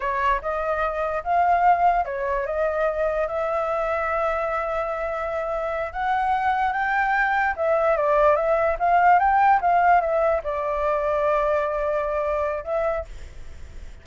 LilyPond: \new Staff \with { instrumentName = "flute" } { \time 4/4 \tempo 4 = 147 cis''4 dis''2 f''4~ | f''4 cis''4 dis''2 | e''1~ | e''2~ e''8 fis''4.~ |
fis''8 g''2 e''4 d''8~ | d''8 e''4 f''4 g''4 f''8~ | f''8 e''4 d''2~ d''8~ | d''2. e''4 | }